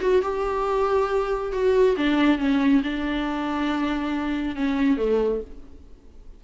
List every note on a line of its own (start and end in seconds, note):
0.00 0.22 F#4
0.22 1.52 G4
1.52 1.96 F#4
1.96 2.38 D4
2.38 2.82 C#4
2.83 4.55 D4
4.55 4.97 C#4
4.97 5.41 A3